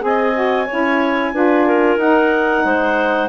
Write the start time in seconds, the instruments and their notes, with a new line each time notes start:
0.00 bassoon C4, saxophone G#4, clarinet G#5
0.07 clarinet D#5
0.34 saxophone F#4
0.67 saxophone E4, clarinet C#5
0.73 bassoon C#4
1.33 bassoon D4, saxophone F4, clarinet B4
1.67 clarinet A#4
1.97 bassoon D#4, saxophone D#4, clarinet F#5
2.65 bassoon G#3, clarinet C5